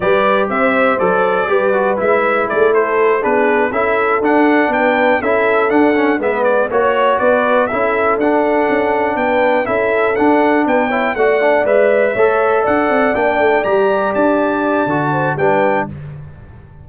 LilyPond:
<<
  \new Staff \with { instrumentName = "trumpet" } { \time 4/4 \tempo 4 = 121 d''4 e''4 d''2 | e''4 d''8 c''4 b'4 e''8~ | e''8 fis''4 g''4 e''4 fis''8~ | fis''8 e''8 d''8 cis''4 d''4 e''8~ |
e''8 fis''2 g''4 e''8~ | e''8 fis''4 g''4 fis''4 e''8~ | e''4. fis''4 g''4 ais''8~ | ais''8 a''2~ a''8 g''4 | }
  \new Staff \with { instrumentName = "horn" } { \time 4/4 b'4 c''2 b'4~ | b'4 gis'8 a'4 gis'4 a'8~ | a'4. b'4 a'4.~ | a'8 b'4 cis''4 b'4 a'8~ |
a'2~ a'8 b'4 a'8~ | a'4. b'8 cis''8 d''4.~ | d''8 cis''4 d''2~ d''8~ | d''2~ d''8 c''8 b'4 | }
  \new Staff \with { instrumentName = "trombone" } { \time 4/4 g'2 a'4 g'8 fis'8 | e'2~ e'8 d'4 e'8~ | e'8 d'2 e'4 d'8 | cis'8 b4 fis'2 e'8~ |
e'8 d'2. e'8~ | e'8 d'4. e'8 fis'8 d'8 b'8~ | b'8 a'2 d'4 g'8~ | g'2 fis'4 d'4 | }
  \new Staff \with { instrumentName = "tuba" } { \time 4/4 g4 c'4 fis4 g4 | gis4 a4. b4 cis'8~ | cis'8 d'4 b4 cis'4 d'8~ | d'8 gis4 ais4 b4 cis'8~ |
cis'8 d'4 cis'4 b4 cis'8~ | cis'8 d'4 b4 a4 gis8~ | gis8 a4 d'8 c'8 ais8 a8 g8~ | g8 d'4. d4 g4 | }
>>